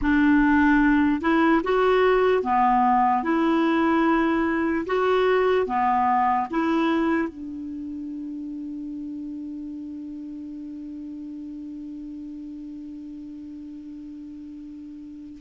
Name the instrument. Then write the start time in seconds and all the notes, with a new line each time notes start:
clarinet
0.01 D4
1.21 E4
1.63 F#4
2.43 B3
3.23 E4
4.86 F#4
5.66 B3
6.50 E4
7.28 D4